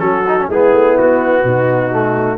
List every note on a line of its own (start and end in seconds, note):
0.00 0.48 F#3
0.00 0.24 C#4
0.00 0.48 F#4
0.00 0.48 A4
0.28 0.39 D#4
0.39 0.51 C#4
0.48 0.73 G#3
0.48 1.92 B3
0.48 1.43 E4
0.48 0.98 G#4
0.73 0.97 A3
0.98 1.44 B3
0.98 2.38 F#4
1.44 2.38 B2
1.44 2.38 D#4
1.92 2.38 A3